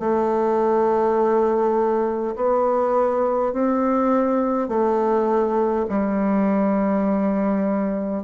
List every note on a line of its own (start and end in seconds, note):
0.00 2.35 A3
2.36 3.53 B3
3.53 4.68 C4
4.68 5.86 A3
5.89 8.24 G3